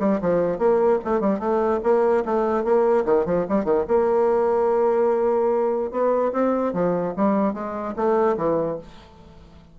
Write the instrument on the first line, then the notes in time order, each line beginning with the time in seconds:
bassoon
0.00 G3
0.22 F3
0.59 A#3
1.05 A3
1.21 G3
1.40 A3
1.83 A#3
2.26 A3
2.65 A#3
3.06 D#3
3.26 F3
3.49 G3
3.65 D#3
3.88 A#3
5.92 B3
6.33 C4
6.74 F3
7.17 G3
7.54 G#3
7.97 A3
8.37 E3